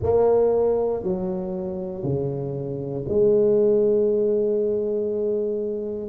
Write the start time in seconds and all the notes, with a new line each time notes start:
0.02 A#3
1.03 F#3
2.03 C#3
3.08 G#3